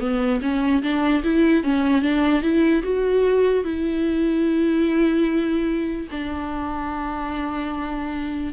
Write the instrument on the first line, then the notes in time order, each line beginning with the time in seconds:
viola
0.00 B3
0.42 C#4
0.83 D4
1.24 E4
1.64 C#4
2.02 D4
2.42 E4
2.83 F#4
3.64 E4
6.11 D4